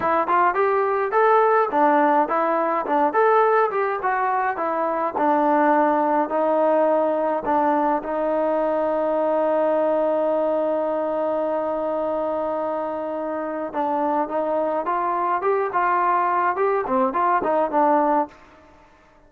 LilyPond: \new Staff \with { instrumentName = "trombone" } { \time 4/4 \tempo 4 = 105 e'8 f'8 g'4 a'4 d'4 | e'4 d'8 a'4 g'8 fis'4 | e'4 d'2 dis'4~ | dis'4 d'4 dis'2~ |
dis'1~ | dis'1 | d'4 dis'4 f'4 g'8 f'8~ | f'4 g'8 c'8 f'8 dis'8 d'4 | }